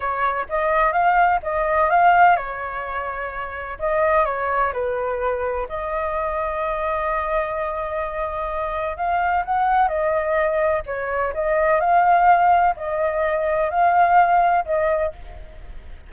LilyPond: \new Staff \with { instrumentName = "flute" } { \time 4/4 \tempo 4 = 127 cis''4 dis''4 f''4 dis''4 | f''4 cis''2. | dis''4 cis''4 b'2 | dis''1~ |
dis''2. f''4 | fis''4 dis''2 cis''4 | dis''4 f''2 dis''4~ | dis''4 f''2 dis''4 | }